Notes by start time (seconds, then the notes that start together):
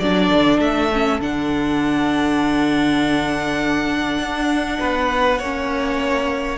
0.00 F#3 D4 A4 D5
0.34 D3
0.59 A3 E5
0.93 C#4
1.21 D3 D4 F#5
4.19 D4
4.81 B3 B4
5.39 A#3 C#4 C#5